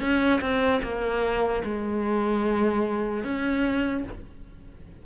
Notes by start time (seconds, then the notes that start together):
0.00 C#4
0.41 C4
0.83 A#3
1.64 G#3
3.24 C#4